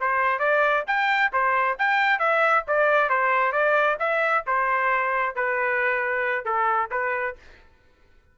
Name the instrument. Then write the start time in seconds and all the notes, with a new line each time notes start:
trumpet
0.00 C5
0.39 D5
0.87 G5
1.33 C5
1.78 G5
2.19 E5
2.67 D5
3.10 C5
3.52 D5
4.00 E5
4.47 C5
5.35 B4
6.45 A4
6.91 B4